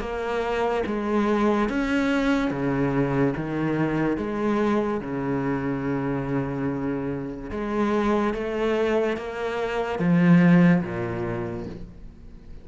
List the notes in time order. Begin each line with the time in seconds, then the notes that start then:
0.00 A#3
0.87 G#3
1.70 C#4
2.51 C#3
3.37 D#3
4.18 G#3
5.01 C#3
7.51 G#3
8.34 A3
9.18 A#3
10.00 F3
10.84 A#2